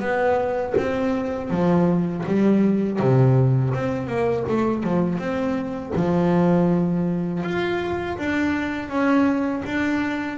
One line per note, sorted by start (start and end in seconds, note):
0.00 0.74 B3
0.77 1.50 C4
1.50 2.24 F3
2.26 2.99 G3
2.99 3.73 C3
3.74 4.07 C4
4.07 4.44 A#3
4.48 4.84 A3
4.84 5.19 F3
5.19 5.93 C4
5.95 7.43 F3
7.43 8.18 F4
8.18 8.89 D4
8.89 9.63 C#4
9.65 10.38 D4